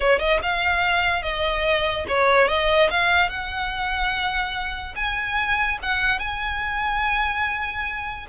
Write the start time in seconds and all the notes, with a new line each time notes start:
0.00 C#5
0.19 D#5
0.42 F5
1.22 D#5
2.07 C#5
2.48 D#5
2.90 F5
3.29 F#5
4.95 G#5
5.82 F#5
6.19 G#5